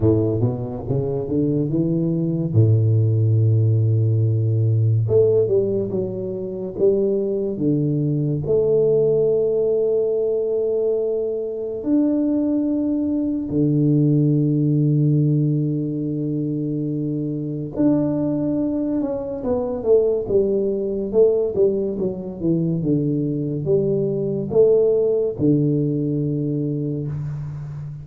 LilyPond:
\new Staff \with { instrumentName = "tuba" } { \time 4/4 \tempo 4 = 71 a,8 b,8 cis8 d8 e4 a,4~ | a,2 a8 g8 fis4 | g4 d4 a2~ | a2 d'2 |
d1~ | d4 d'4. cis'8 b8 a8 | g4 a8 g8 fis8 e8 d4 | g4 a4 d2 | }